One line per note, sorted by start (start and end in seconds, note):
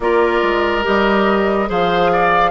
0.00 0.40 A#3
0.00 0.83 F4
0.00 1.69 A#4
0.00 0.85 D5
0.42 0.84 G#3
0.83 1.69 G3
0.83 1.66 G4
0.83 1.70 D#5
1.66 2.51 F3
1.66 2.50 G#4
1.66 2.11 C5
1.66 2.51 F5
2.12 2.51 D5